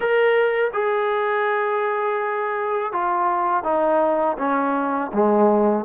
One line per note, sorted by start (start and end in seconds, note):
0.00 0.71 A#4
0.73 2.92 G#4
2.92 3.63 F4
3.63 4.36 D#4
4.37 5.11 C#4
5.13 5.85 G#3